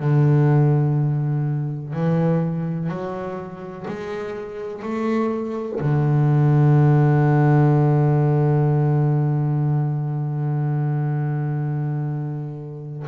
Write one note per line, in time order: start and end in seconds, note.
0.00 1.93 D3
1.93 2.89 E3
2.89 3.86 F#3
3.88 4.83 G#3
4.83 5.80 A3
5.81 13.06 D3